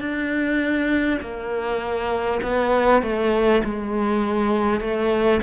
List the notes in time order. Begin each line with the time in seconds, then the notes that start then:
0.00 D4
1.21 A#3
2.43 B3
3.03 A3
3.64 G#3
4.81 A3